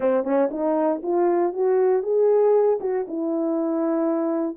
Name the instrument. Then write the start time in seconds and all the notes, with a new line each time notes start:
horn
0.00 C4
0.23 C#4
0.51 D#4
1.03 F4
1.53 F#4
2.02 G#4
2.80 F#4
3.07 E4